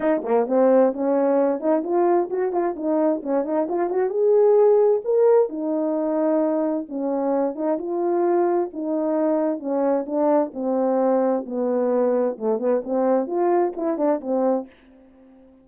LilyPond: \new Staff \with { instrumentName = "horn" } { \time 4/4 \tempo 4 = 131 dis'8 ais8 c'4 cis'4. dis'8 | f'4 fis'8 f'8 dis'4 cis'8 dis'8 | f'8 fis'8 gis'2 ais'4 | dis'2. cis'4~ |
cis'8 dis'8 f'2 dis'4~ | dis'4 cis'4 d'4 c'4~ | c'4 b2 a8 b8 | c'4 f'4 e'8 d'8 c'4 | }